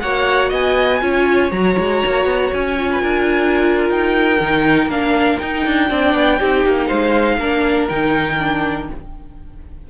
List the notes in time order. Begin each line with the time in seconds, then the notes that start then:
0.00 A#3 F#4 C#5 F#5
0.49 B3 D#5 G#5
1.01 C#4 F4 C#5
1.51 F#3 F#4 A#5
1.78 G#3
2.06 A#3
2.25 B3
2.53 C#4 G#5
2.77 F4
2.92 B4
3.02 D4 A#4
3.89 D#4 G5
4.40 D#3 D#4
4.87 A#3 D4 F5
5.39 D#4 G5
5.66 D4
5.89 C4 D4 D5
6.14 B3
6.39 C4 D#4 G4
6.65 A#3
6.87 G#3 C5 F5
7.38 A#3 D4 A#4
7.89 D#3 D#4 G5
8.39 D4